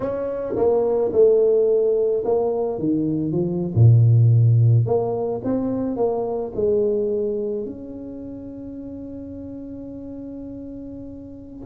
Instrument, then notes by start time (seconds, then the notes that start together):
tuba
0.00 C#4
0.56 A#3
1.12 A3
2.24 A#3
2.79 D#3
3.32 F3
3.74 A#2
4.85 A#3
5.44 C4
5.96 A#3
6.55 G#3
7.65 C#4